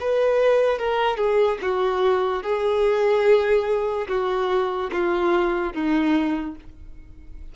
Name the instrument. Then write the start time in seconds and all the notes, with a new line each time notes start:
violin
0.00 B4
0.78 A#4
1.17 G#4
1.62 F#4
2.43 G#4
4.08 F#4
4.92 F4
5.73 D#4